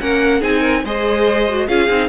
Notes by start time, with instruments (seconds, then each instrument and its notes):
0.00 cello A#3, viola C#4, violin A#4 F#5
0.40 cello C4, viola D#4, violin G#4 G#5
0.60 violin A#4
0.84 cello G#3, viola G#4, violin C5 D#5
1.49 viola F#4
1.67 cello C#4, viola F4, violin G#4 F5
1.89 cello C4, viola D#4